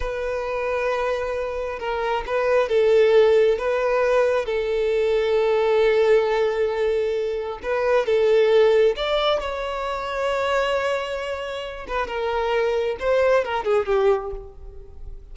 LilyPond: \new Staff \with { instrumentName = "violin" } { \time 4/4 \tempo 4 = 134 b'1 | ais'4 b'4 a'2 | b'2 a'2~ | a'1~ |
a'4 b'4 a'2 | d''4 cis''2.~ | cis''2~ cis''8 b'8 ais'4~ | ais'4 c''4 ais'8 gis'8 g'4 | }